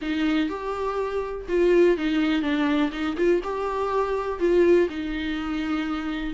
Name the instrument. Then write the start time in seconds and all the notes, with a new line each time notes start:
viola
0.01 D#4
0.49 G4
1.48 F4
1.97 D#4
2.42 D4
2.92 D#4
3.16 F4
3.43 G4
4.39 F4
4.89 D#4